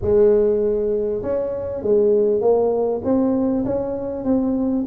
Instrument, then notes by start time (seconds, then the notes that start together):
tuba
0.01 G#3
1.22 C#4
1.82 G#3
2.41 A#3
3.04 C4
3.65 C#4
4.24 C4